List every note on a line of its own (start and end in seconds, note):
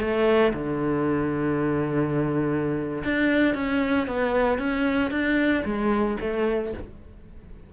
0.00 0.53 A3
0.53 3.03 D3
3.04 3.54 D4
3.54 4.07 C#4
4.07 4.58 B3
4.58 5.11 C#4
5.11 5.63 D4
5.64 6.17 G#3
6.20 6.73 A3